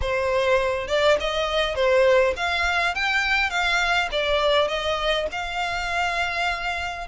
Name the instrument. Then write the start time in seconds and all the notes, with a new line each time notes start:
violin
0.01 C5
0.87 D5
1.20 D#5
1.75 C5
2.36 F5
2.94 G5
3.50 F5
4.11 D5
4.68 D#5
5.31 F5